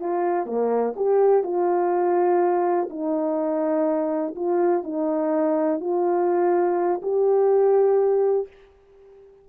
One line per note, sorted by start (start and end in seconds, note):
0.00 0.46 F4
0.46 0.95 A#3
0.97 1.44 G4
1.44 2.89 F4
2.90 4.35 D#4
4.35 4.84 F4
4.84 5.80 D#4
5.80 7.01 F4
7.02 8.48 G4